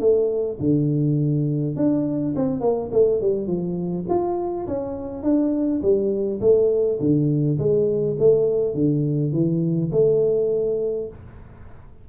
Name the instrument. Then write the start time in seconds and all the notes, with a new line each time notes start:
tuba
0.00 A3
0.60 D3
1.76 D4
2.36 C4
2.61 A#3
2.92 A3
3.21 G3
3.47 F3
4.09 F4
4.68 C#4
5.23 D4
5.82 G3
6.41 A3
7.00 D3
7.59 G#3
8.19 A3
8.74 D3
9.32 E3
9.92 A3